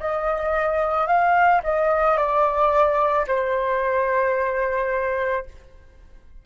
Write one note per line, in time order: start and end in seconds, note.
0.00 1.07 D#5
1.07 1.62 F5
1.64 2.17 D#5
2.17 3.26 D5
3.27 5.45 C5